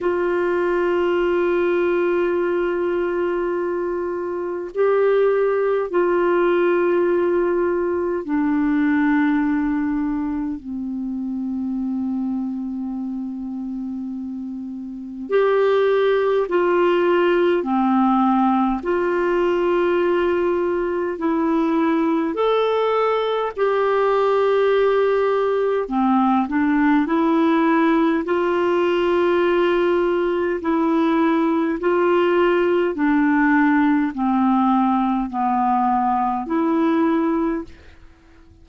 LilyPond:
\new Staff \with { instrumentName = "clarinet" } { \time 4/4 \tempo 4 = 51 f'1 | g'4 f'2 d'4~ | d'4 c'2.~ | c'4 g'4 f'4 c'4 |
f'2 e'4 a'4 | g'2 c'8 d'8 e'4 | f'2 e'4 f'4 | d'4 c'4 b4 e'4 | }